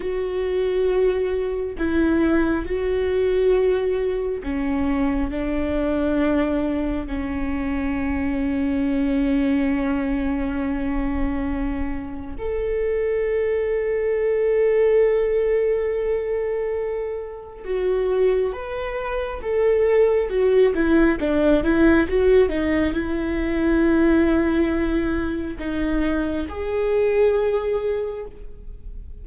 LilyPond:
\new Staff \with { instrumentName = "viola" } { \time 4/4 \tempo 4 = 68 fis'2 e'4 fis'4~ | fis'4 cis'4 d'2 | cis'1~ | cis'2 a'2~ |
a'1 | fis'4 b'4 a'4 fis'8 e'8 | d'8 e'8 fis'8 dis'8 e'2~ | e'4 dis'4 gis'2 | }